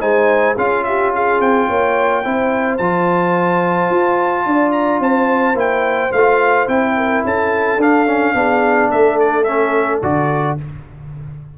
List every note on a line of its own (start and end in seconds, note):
0.00 0.56 G#3
0.00 0.56 D#4
0.00 0.55 C5
0.00 0.56 G#5
0.55 1.40 C#4
0.55 2.24 F4
0.55 0.82 G#4
0.55 0.84 F5
0.84 1.12 G4
0.84 1.11 E5
1.12 1.67 G#4
1.12 1.41 F5
1.40 1.68 C4
1.40 2.77 G5
1.67 2.24 A#3
1.67 2.23 C#5
2.23 2.79 C4
2.23 2.79 E4
2.23 4.46 C5
2.77 3.90 F3
2.77 5.54 F4
2.77 4.72 A5
3.90 4.45 F4
4.45 5.00 D4
4.45 5.01 D5
4.72 4.99 A#5
5.00 5.54 C4
5.00 6.95 C5
5.00 5.58 A5
5.54 6.10 A#3
5.54 6.10 E4
5.54 6.12 G5
6.12 6.68 A3
6.12 6.68 F4
6.12 6.68 F5
6.68 7.23 C4
6.68 7.79 E4
6.68 7.24 G5
6.96 7.24 A#4
7.24 7.77 C#4
7.24 8.35 A4
7.24 7.81 A5
7.77 8.32 D4
7.77 8.06 D4
7.77 8.91 F5
8.06 8.34 C#4
8.34 8.90 B3
8.34 9.45 D4
8.34 8.90 G#4
8.90 10.02 A3
8.90 10.57 A4
8.90 9.19 E5
9.19 9.43 D5
9.43 10.02 C#4
9.43 9.99 E5
10.02 10.58 D3
10.02 10.58 F#4
10.02 10.58 D5